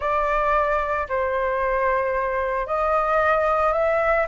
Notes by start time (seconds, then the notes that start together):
0.00 D5
1.08 C5
2.66 D#5
3.73 E5